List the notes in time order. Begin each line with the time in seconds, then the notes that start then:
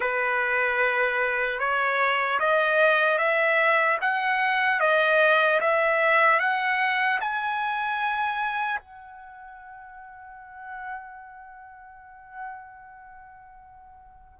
0.00 B4
1.59 C#5
2.39 D#5
3.18 E5
4.01 F#5
4.80 D#5
5.60 E5
6.39 F#5
7.20 G#5
8.79 F#5